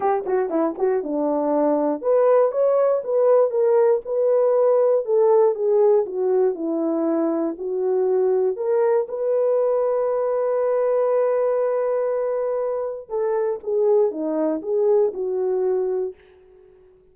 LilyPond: \new Staff \with { instrumentName = "horn" } { \time 4/4 \tempo 4 = 119 g'8 fis'8 e'8 fis'8 d'2 | b'4 cis''4 b'4 ais'4 | b'2 a'4 gis'4 | fis'4 e'2 fis'4~ |
fis'4 ais'4 b'2~ | b'1~ | b'2 a'4 gis'4 | dis'4 gis'4 fis'2 | }